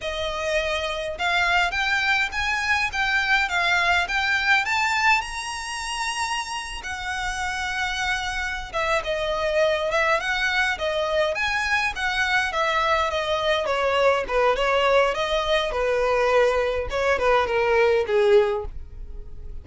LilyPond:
\new Staff \with { instrumentName = "violin" } { \time 4/4 \tempo 4 = 103 dis''2 f''4 g''4 | gis''4 g''4 f''4 g''4 | a''4 ais''2~ ais''8. fis''16~ | fis''2. e''8 dis''8~ |
dis''4 e''8 fis''4 dis''4 gis''8~ | gis''8 fis''4 e''4 dis''4 cis''8~ | cis''8 b'8 cis''4 dis''4 b'4~ | b'4 cis''8 b'8 ais'4 gis'4 | }